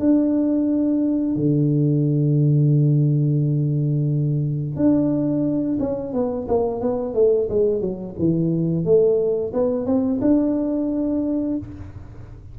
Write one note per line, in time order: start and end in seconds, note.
0.00 1.36 D4
1.36 4.76 D3
4.76 5.79 D4
5.80 6.13 C#4
6.13 6.47 B3
6.48 6.81 A#3
6.81 7.14 B3
7.14 7.48 A3
7.49 7.81 G#3
7.81 8.15 F#3
8.19 8.85 E3
8.85 9.53 A3
9.54 9.86 B3
9.86 10.20 C4
10.21 11.58 D4